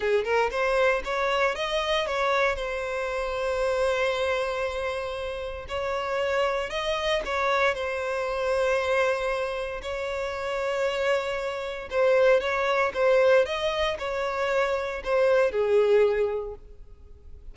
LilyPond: \new Staff \with { instrumentName = "violin" } { \time 4/4 \tempo 4 = 116 gis'8 ais'8 c''4 cis''4 dis''4 | cis''4 c''2.~ | c''2. cis''4~ | cis''4 dis''4 cis''4 c''4~ |
c''2. cis''4~ | cis''2. c''4 | cis''4 c''4 dis''4 cis''4~ | cis''4 c''4 gis'2 | }